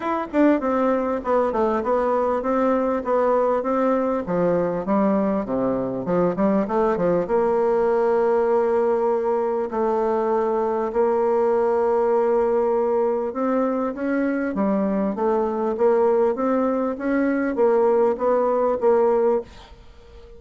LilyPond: \new Staff \with { instrumentName = "bassoon" } { \time 4/4 \tempo 4 = 99 e'8 d'8 c'4 b8 a8 b4 | c'4 b4 c'4 f4 | g4 c4 f8 g8 a8 f8 | ais1 |
a2 ais2~ | ais2 c'4 cis'4 | g4 a4 ais4 c'4 | cis'4 ais4 b4 ais4 | }